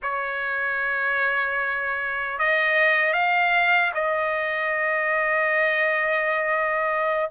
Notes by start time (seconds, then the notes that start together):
0.02 C#5
2.38 D#5
3.13 F5
3.94 D#5